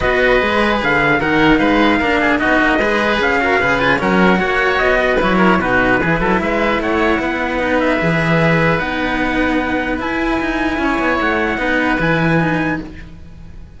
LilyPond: <<
  \new Staff \with { instrumentName = "trumpet" } { \time 4/4 \tempo 4 = 150 dis''2 f''4 fis''4 | f''2 dis''2 | f''4. gis''8 fis''2 | dis''4 cis''4 b'2 |
e''4 fis''2~ fis''8 e''8~ | e''2 fis''2~ | fis''4 gis''2. | fis''2 gis''2 | }
  \new Staff \with { instrumentName = "oboe" } { \time 4/4 b'2. ais'4 | b'4 ais'8 gis'8 fis'4 b'4~ | b'8 ais'8 b'4 ais'4 cis''4~ | cis''8 b'4 ais'8 fis'4 gis'8 a'8 |
b'4 cis''4 b'2~ | b'1~ | b'2. cis''4~ | cis''4 b'2. | }
  \new Staff \with { instrumentName = "cello" } { \time 4/4 fis'4 gis'2 dis'4~ | dis'4 d'4 dis'4 gis'4~ | gis'8 fis'8 gis'8 f'8 cis'4 fis'4~ | fis'4 e'4 dis'4 e'4~ |
e'2. dis'4 | gis'2 dis'2~ | dis'4 e'2.~ | e'4 dis'4 e'4 dis'4 | }
  \new Staff \with { instrumentName = "cello" } { \time 4/4 b4 gis4 d4 dis4 | gis4 ais4 b8 ais8 gis4 | cis'4 cis4 fis4 ais4 | b4 fis4 b,4 e8 fis8 |
gis4 a4 b2 | e2 b2~ | b4 e'4 dis'4 cis'8 b8 | a4 b4 e2 | }
>>